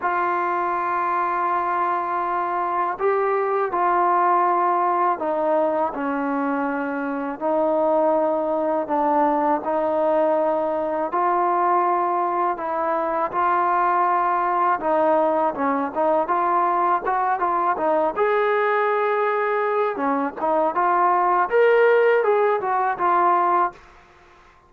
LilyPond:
\new Staff \with { instrumentName = "trombone" } { \time 4/4 \tempo 4 = 81 f'1 | g'4 f'2 dis'4 | cis'2 dis'2 | d'4 dis'2 f'4~ |
f'4 e'4 f'2 | dis'4 cis'8 dis'8 f'4 fis'8 f'8 | dis'8 gis'2~ gis'8 cis'8 dis'8 | f'4 ais'4 gis'8 fis'8 f'4 | }